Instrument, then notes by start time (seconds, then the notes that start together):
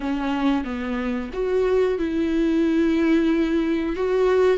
viola
0.00 C#4
0.64 B3
1.33 F#4
1.98 E4
3.96 F#4